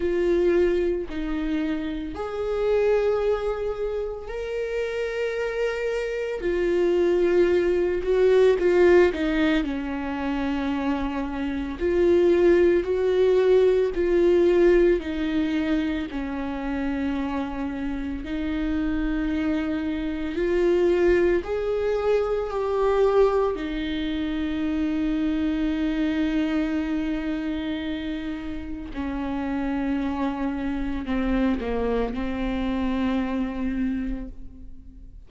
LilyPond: \new Staff \with { instrumentName = "viola" } { \time 4/4 \tempo 4 = 56 f'4 dis'4 gis'2 | ais'2 f'4. fis'8 | f'8 dis'8 cis'2 f'4 | fis'4 f'4 dis'4 cis'4~ |
cis'4 dis'2 f'4 | gis'4 g'4 dis'2~ | dis'2. cis'4~ | cis'4 c'8 ais8 c'2 | }